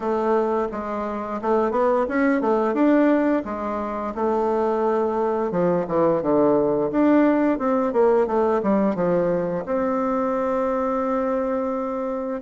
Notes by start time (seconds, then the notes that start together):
0.00 A3
0.71 G#3
1.41 A3
1.71 B3
2.08 C#4
2.41 A3
2.74 D4
3.45 G#3
4.14 A3
5.51 F3
5.87 E3
6.22 D3
6.91 D4
7.58 C4
7.92 A#3
8.26 A3
8.62 G3
8.95 F3
9.65 C4